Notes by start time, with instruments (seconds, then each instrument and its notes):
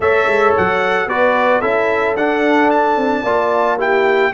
0.00 tuba A3, trombone A4, horn C#5, trumpet E5
0.26 tuba G#3
0.57 tuba F#3, trumpet F#5
1.06 tuba B3, trombone F#4, horn B4, trumpet D5
1.60 tuba C#4, trombone E4, horn A4, trumpet E5
2.16 tuba D4, trombone D4, trumpet F#5
2.70 trumpet A5
2.96 tuba C4
3.23 tuba A#3, trombone F4, horn D5
3.77 trombone E4, horn G4, trumpet G5